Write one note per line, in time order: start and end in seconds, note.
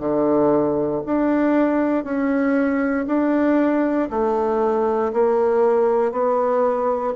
0.00 1.02 D3
1.06 2.04 D4
2.04 3.06 C#4
3.07 4.09 D4
4.10 5.12 A3
5.13 6.12 A#3
6.12 7.13 B3